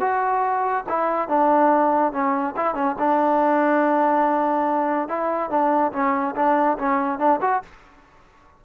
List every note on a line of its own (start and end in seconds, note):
0.00 0.85 F#4
0.89 1.28 E4
1.28 2.12 D4
2.12 2.54 C#4
2.57 2.74 E4
2.74 2.95 C#4
2.99 5.08 D4
5.08 5.50 E4
5.50 5.92 D4
5.92 6.35 C#4
6.36 6.78 D4
6.78 7.19 C#4
7.19 7.40 D4
7.41 7.62 F#4